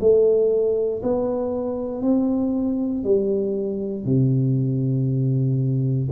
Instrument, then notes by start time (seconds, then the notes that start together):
tuba
0.00 A3
1.02 B3
2.02 C4
3.03 G3
4.04 C3